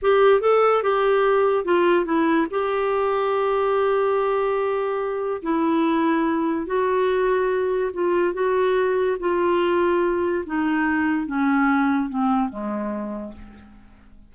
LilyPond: \new Staff \with { instrumentName = "clarinet" } { \time 4/4 \tempo 4 = 144 g'4 a'4 g'2 | f'4 e'4 g'2~ | g'1~ | g'4 e'2. |
fis'2. f'4 | fis'2 f'2~ | f'4 dis'2 cis'4~ | cis'4 c'4 gis2 | }